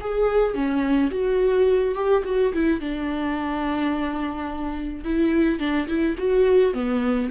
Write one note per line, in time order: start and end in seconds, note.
0.00 0.54 G#4
0.54 1.10 C#4
1.10 1.94 F#4
1.94 2.23 G4
2.24 2.52 F#4
2.53 2.80 E4
2.80 5.04 D4
5.04 5.59 E4
5.59 5.87 D4
5.88 6.16 E4
6.18 6.73 F#4
6.73 7.29 B3